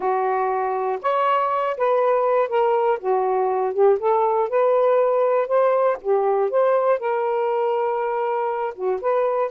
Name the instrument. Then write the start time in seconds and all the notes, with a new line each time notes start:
saxophone
0.00 F#4
1.02 C#5
1.77 B4
2.48 A#4
2.99 F#4
3.73 G4
3.99 A4
4.49 B4
5.47 C5
6.01 G4
6.50 C5
6.99 A#4
8.75 F#4
9.01 B4